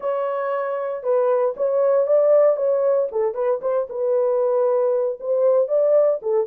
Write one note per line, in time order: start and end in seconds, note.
0.00 1.03 C#5
1.03 1.54 B4
1.57 2.06 C#5
2.06 2.56 D5
2.56 3.08 C#5
3.11 3.34 A4
3.34 3.60 B4
3.61 3.87 C5
3.89 5.18 B4
5.20 5.68 C5
5.68 6.20 D5
6.22 6.46 A4